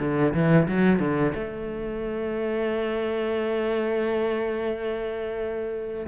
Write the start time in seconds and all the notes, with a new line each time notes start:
0.00 D3
0.34 E3
0.68 F#3
0.99 D3
1.35 A3